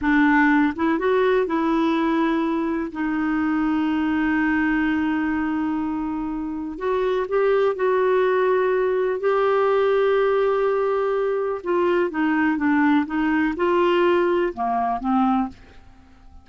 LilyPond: \new Staff \with { instrumentName = "clarinet" } { \time 4/4 \tempo 4 = 124 d'4. e'8 fis'4 e'4~ | e'2 dis'2~ | dis'1~ | dis'2 fis'4 g'4 |
fis'2. g'4~ | g'1 | f'4 dis'4 d'4 dis'4 | f'2 ais4 c'4 | }